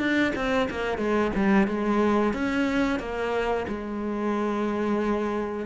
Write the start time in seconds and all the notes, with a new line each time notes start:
0.00 D4
0.36 C4
0.71 A#3
0.98 G#3
1.36 G3
1.68 G#3
2.34 C#4
3.00 A#3
3.68 G#3